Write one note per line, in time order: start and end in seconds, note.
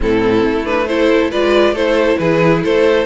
0.00 0.44 A2
0.00 0.62 C4
0.00 0.88 E4
0.00 0.65 A4
0.44 1.31 A3
0.64 0.86 D4
0.64 0.87 B4
0.87 1.31 E4
0.87 1.31 A4
0.87 1.30 C5
1.31 1.72 G#3
1.31 1.75 F4
1.31 1.73 B4
1.31 1.75 D5
1.72 2.16 A3
1.72 3.05 E4
1.72 2.17 A4
1.72 2.18 C5
2.18 2.63 E3
2.18 2.63 G#4
2.18 2.62 B4
2.63 3.05 A3
2.63 3.05 A4
2.63 3.05 C5